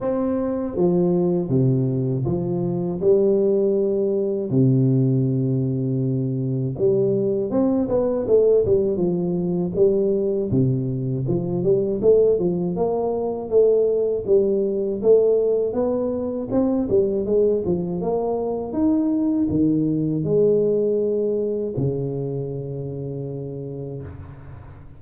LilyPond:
\new Staff \with { instrumentName = "tuba" } { \time 4/4 \tempo 4 = 80 c'4 f4 c4 f4 | g2 c2~ | c4 g4 c'8 b8 a8 g8 | f4 g4 c4 f8 g8 |
a8 f8 ais4 a4 g4 | a4 b4 c'8 g8 gis8 f8 | ais4 dis'4 dis4 gis4~ | gis4 cis2. | }